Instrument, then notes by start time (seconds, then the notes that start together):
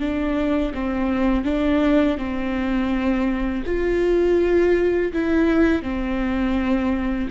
viola
0.00 D4
0.74 C4
1.45 D4
2.18 C4
3.66 F4
5.13 E4
5.83 C4